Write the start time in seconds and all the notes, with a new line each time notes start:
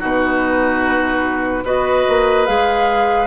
0.00 B2 D#4 F#4 B4
1.64 B3 F#4 B4 D#5
2.09 A#3
2.47 G#3 G#4 F5